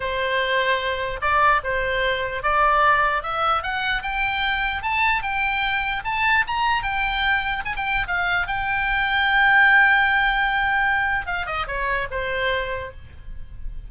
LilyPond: \new Staff \with { instrumentName = "oboe" } { \time 4/4 \tempo 4 = 149 c''2. d''4 | c''2 d''2 | e''4 fis''4 g''2 | a''4 g''2 a''4 |
ais''4 g''2 gis''16 g''8. | f''4 g''2.~ | g''1 | f''8 dis''8 cis''4 c''2 | }